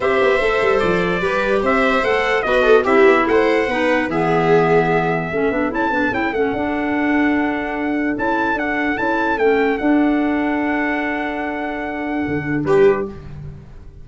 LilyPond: <<
  \new Staff \with { instrumentName = "trumpet" } { \time 4/4 \tempo 4 = 147 e''2 d''2 | e''4 fis''4 dis''4 e''4 | fis''2 e''2~ | e''2 a''4 g''8 fis''8~ |
fis''1 | a''4 fis''4 a''4 g''4 | fis''1~ | fis''2. b'4 | }
  \new Staff \with { instrumentName = "viola" } { \time 4/4 c''2. b'4 | c''2 b'8 a'8 g'4 | c''4 b'4 gis'2~ | gis'4 a'2.~ |
a'1~ | a'1~ | a'1~ | a'2. g'4 | }
  \new Staff \with { instrumentName = "clarinet" } { \time 4/4 g'4 a'2 g'4~ | g'4 a'4 fis'4 e'4~ | e'4 dis'4 b2~ | b4 cis'8 d'8 e'8 d'8 e'8 cis'8 |
d'1 | e'4 d'4 e'4 cis'4 | d'1~ | d'1 | }
  \new Staff \with { instrumentName = "tuba" } { \time 4/4 c'8 b8 a8 g8 f4 g4 | c'4 a4 b4 c'8 b8 | a4 b4 e2~ | e4 a8 b8 cis'8 b8 cis'8 a8 |
d'1 | cis'4 d'4 cis'4 a4 | d'1~ | d'2 d4 g4 | }
>>